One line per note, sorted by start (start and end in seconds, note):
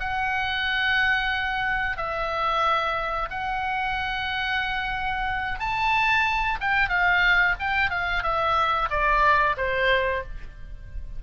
0.00 1.98 F#5
1.98 3.29 E5
3.31 5.60 F#5
5.60 6.58 A5
6.61 6.89 G5
6.89 7.55 F5
7.59 7.91 G5
7.91 8.23 F5
8.23 8.89 E5
8.91 9.57 D5
9.57 10.23 C5